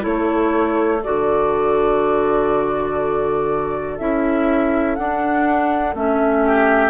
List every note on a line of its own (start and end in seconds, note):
0.00 1.03 A3
0.00 0.98 E4
0.00 6.43 A4
0.00 1.02 C#5
1.03 3.99 D3
1.03 3.99 F#4
1.03 3.98 D5
3.98 4.97 C#4
3.98 4.97 E4
3.98 4.95 E5
4.95 5.94 D4
4.95 5.93 F#5
5.94 6.90 A3
5.94 6.90 C#4
5.94 6.90 E5
6.44 6.90 G4